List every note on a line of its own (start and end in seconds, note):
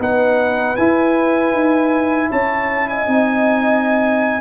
0.00 0.77 B3
0.00 0.77 D#4
0.00 2.31 B4
0.00 0.77 F#5
0.77 1.53 E4
0.77 3.08 E4
0.77 2.30 G#5
1.53 2.30 D#4
2.31 3.08 C#4
2.31 2.89 C#5
2.31 2.89 A5
2.89 4.42 D#5
2.89 4.42 G#5
3.08 4.42 C4
3.08 4.42 D#4